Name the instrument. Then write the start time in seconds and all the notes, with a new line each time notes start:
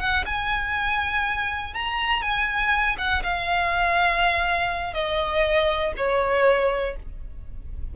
violin
0.00 F#5
0.26 G#5
1.74 A#5
2.22 G#5
2.98 F#5
3.23 F5
4.94 D#5
5.97 C#5